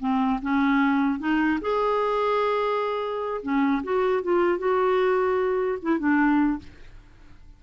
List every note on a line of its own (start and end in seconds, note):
0.00 0.40 C4
0.42 1.19 C#4
1.19 1.59 D#4
1.61 3.41 G#4
3.43 3.83 C#4
3.83 4.23 F#4
4.23 4.59 F4
4.59 5.79 F#4
5.82 5.99 E4
5.99 6.59 D4